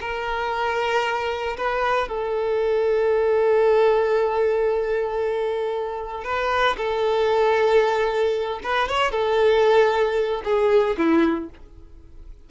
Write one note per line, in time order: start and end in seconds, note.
0.00 1.57 A#4
1.57 2.08 B4
2.08 6.24 A4
6.24 6.76 B4
6.77 8.60 A4
8.63 8.88 B4
8.88 9.11 C#5
9.11 10.42 A4
10.44 10.96 G#4
10.97 11.49 E4